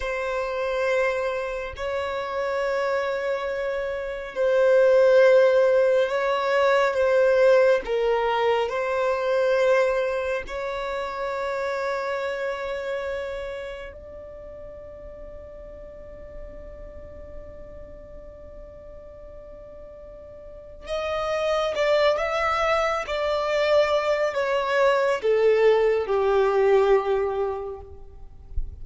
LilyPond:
\new Staff \with { instrumentName = "violin" } { \time 4/4 \tempo 4 = 69 c''2 cis''2~ | cis''4 c''2 cis''4 | c''4 ais'4 c''2 | cis''1 |
d''1~ | d''1 | dis''4 d''8 e''4 d''4. | cis''4 a'4 g'2 | }